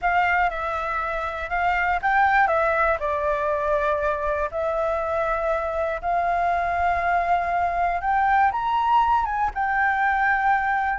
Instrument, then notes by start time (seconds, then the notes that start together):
flute
0.01 F5
0.50 E5
1.49 F5
2.02 G5
2.48 E5
2.99 D5
4.51 E5
6.01 F5
8.01 G5
8.51 A#5
9.25 G#5
9.54 G5